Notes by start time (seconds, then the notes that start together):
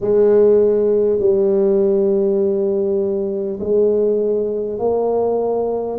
0.00 G#3
1.19 G3
3.60 G#3
4.78 A#3